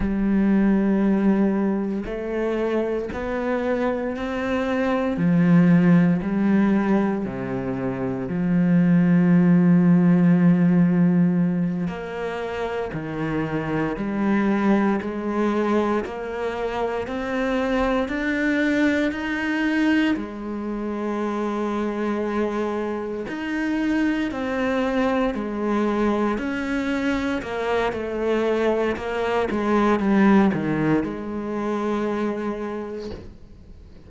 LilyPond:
\new Staff \with { instrumentName = "cello" } { \time 4/4 \tempo 4 = 58 g2 a4 b4 | c'4 f4 g4 c4 | f2.~ f8 ais8~ | ais8 dis4 g4 gis4 ais8~ |
ais8 c'4 d'4 dis'4 gis8~ | gis2~ gis8 dis'4 c'8~ | c'8 gis4 cis'4 ais8 a4 | ais8 gis8 g8 dis8 gis2 | }